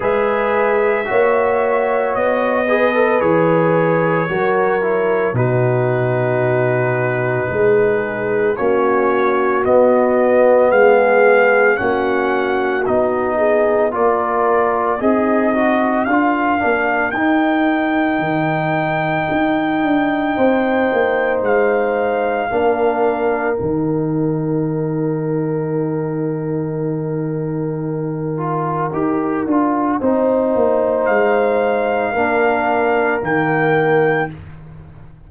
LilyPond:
<<
  \new Staff \with { instrumentName = "trumpet" } { \time 4/4 \tempo 4 = 56 e''2 dis''4 cis''4~ | cis''4 b'2. | cis''4 dis''4 f''4 fis''4 | dis''4 d''4 dis''4 f''4 |
g''1 | f''2 g''2~ | g''1~ | g''4 f''2 g''4 | }
  \new Staff \with { instrumentName = "horn" } { \time 4/4 b'4 cis''4. b'4. | ais'4 fis'2 gis'4 | fis'2 gis'4 fis'4~ | fis'8 gis'8 ais'4 dis'4 ais'4~ |
ais'2. c''4~ | c''4 ais'2.~ | ais'1 | c''2 ais'2 | }
  \new Staff \with { instrumentName = "trombone" } { \time 4/4 gis'4 fis'4. gis'16 a'16 gis'4 | fis'8 e'8 dis'2. | cis'4 b2 cis'4 | dis'4 f'4 gis'8 fis'8 f'8 d'8 |
dis'1~ | dis'4 d'4 dis'2~ | dis'2~ dis'8 f'8 g'8 f'8 | dis'2 d'4 ais4 | }
  \new Staff \with { instrumentName = "tuba" } { \time 4/4 gis4 ais4 b4 e4 | fis4 b,2 gis4 | ais4 b4 gis4 ais4 | b4 ais4 c'4 d'8 ais8 |
dis'4 dis4 dis'8 d'8 c'8 ais8 | gis4 ais4 dis2~ | dis2. dis'8 d'8 | c'8 ais8 gis4 ais4 dis4 | }
>>